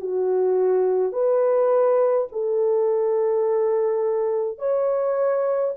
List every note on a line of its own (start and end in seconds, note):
0.00 1.12 F#4
1.12 2.28 B4
2.32 4.58 A4
4.58 5.74 C#5